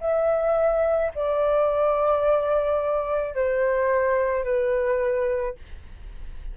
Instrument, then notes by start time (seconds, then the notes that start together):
flute
0.00 E5
1.15 D5
3.34 C5
4.44 B4